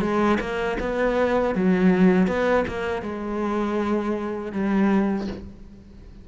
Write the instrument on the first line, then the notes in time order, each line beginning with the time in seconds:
cello
0.00 G#3
0.40 A#3
0.79 B3
1.54 F#3
2.27 B3
2.67 A#3
3.02 G#3
4.52 G3